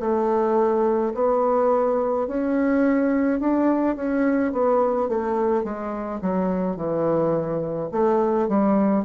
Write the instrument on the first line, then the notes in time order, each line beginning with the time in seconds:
bassoon
0.00 A3
1.15 B3
2.27 C#4
3.40 D4
3.96 C#4
4.53 B3
5.09 A3
5.64 G#3
6.22 F#3
6.77 E3
7.92 A3
8.49 G3